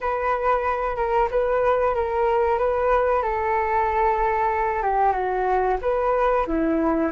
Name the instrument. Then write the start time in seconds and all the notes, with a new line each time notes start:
flute
0.00 B4
0.96 A#4
1.30 B4
1.94 A#4
2.58 B4
3.22 A4
4.82 G4
5.12 F#4
5.81 B4
6.46 E4